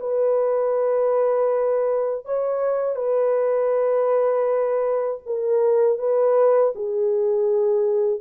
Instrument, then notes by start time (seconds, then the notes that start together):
horn
0.00 B4
2.25 C#5
2.96 B4
5.26 A#4
5.98 B4
6.75 G#4